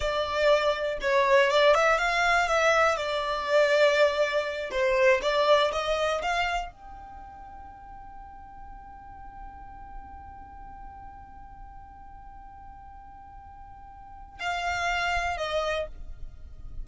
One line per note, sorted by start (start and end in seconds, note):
0.00 0.98 D5
1.01 1.50 C#5
1.50 1.74 D5
1.74 1.98 E5
1.98 2.48 F5
2.48 2.97 E5
2.97 4.70 D5
4.71 5.20 C5
5.22 5.71 D5
5.72 6.21 D#5
6.22 6.71 F5
6.71 14.39 G5
14.39 15.37 F5
15.37 15.87 D#5